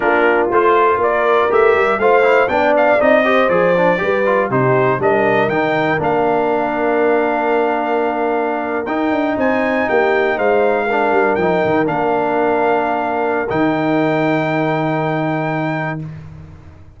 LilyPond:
<<
  \new Staff \with { instrumentName = "trumpet" } { \time 4/4 \tempo 4 = 120 ais'4 c''4 d''4 e''4 | f''4 g''8 f''8 dis''4 d''4~ | d''4 c''4 dis''4 g''4 | f''1~ |
f''4.~ f''16 g''4 gis''4 g''16~ | g''8. f''2 g''4 f''16~ | f''2. g''4~ | g''1 | }
  \new Staff \with { instrumentName = "horn" } { \time 4/4 f'2 ais'2 | c''4 d''4. c''4. | b'4 g'4 ais'2~ | ais'1~ |
ais'2~ ais'8. c''4 g'16~ | g'8. c''4 ais'2~ ais'16~ | ais'1~ | ais'1 | }
  \new Staff \with { instrumentName = "trombone" } { \time 4/4 d'4 f'2 g'4 | f'8 e'8 d'4 dis'8 g'8 gis'8 d'8 | g'8 f'8 dis'4 d'4 dis'4 | d'1~ |
d'4.~ d'16 dis'2~ dis'16~ | dis'4.~ dis'16 d'4 dis'4 d'16~ | d'2. dis'4~ | dis'1 | }
  \new Staff \with { instrumentName = "tuba" } { \time 4/4 ais4 a4 ais4 a8 g8 | a4 b4 c'4 f4 | g4 c4 g4 dis4 | ais1~ |
ais4.~ ais16 dis'8 d'8 c'4 ais16~ | ais8. gis4. g8 f8 dis8 ais16~ | ais2. dis4~ | dis1 | }
>>